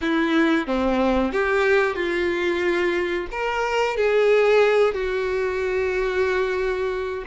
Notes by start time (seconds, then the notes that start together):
0.01 E4
0.66 C4
1.32 G4
1.95 F4
3.31 A#4
3.97 G#4
4.93 F#4